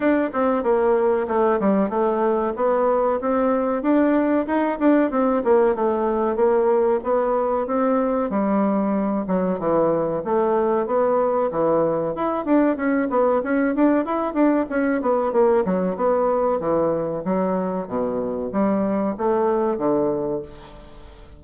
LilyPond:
\new Staff \with { instrumentName = "bassoon" } { \time 4/4 \tempo 4 = 94 d'8 c'8 ais4 a8 g8 a4 | b4 c'4 d'4 dis'8 d'8 | c'8 ais8 a4 ais4 b4 | c'4 g4. fis8 e4 |
a4 b4 e4 e'8 d'8 | cis'8 b8 cis'8 d'8 e'8 d'8 cis'8 b8 | ais8 fis8 b4 e4 fis4 | b,4 g4 a4 d4 | }